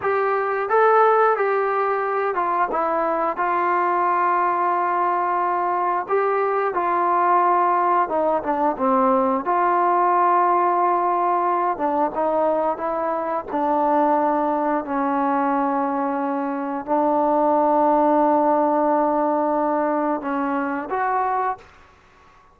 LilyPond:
\new Staff \with { instrumentName = "trombone" } { \time 4/4 \tempo 4 = 89 g'4 a'4 g'4. f'8 | e'4 f'2.~ | f'4 g'4 f'2 | dis'8 d'8 c'4 f'2~ |
f'4. d'8 dis'4 e'4 | d'2 cis'2~ | cis'4 d'2.~ | d'2 cis'4 fis'4 | }